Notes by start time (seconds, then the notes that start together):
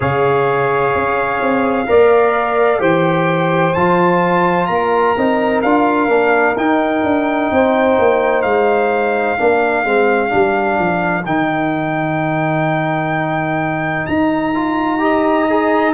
0.00 C#3 G#4 C#5 F5
0.95 C#4
1.41 C4
1.86 A#3 A#4 D5
2.78 E3 G4 C5 G5
3.73 F3 F4 A5
4.66 A#3 A#4 A#5
5.17 C4 D#4
5.62 D4 F4 F5
6.08 A#3 D4
6.56 D#4 G5
7.03 D4
7.51 C4 C5
7.98 A#3
8.42 G#3 F5
9.38 A#3 D4 A#4
9.84 G#3 C4
10.29 G3 D4
10.78 F3
11.25 D#3 D#4 G5
14.06 D#4 A#5
14.54 F4
14.98 G4 D#5
15.49 G#4